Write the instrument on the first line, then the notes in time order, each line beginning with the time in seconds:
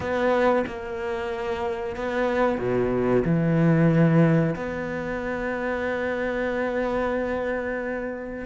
cello
0.00 B3
0.66 A#3
1.96 B3
2.58 B2
3.24 E3
4.55 B3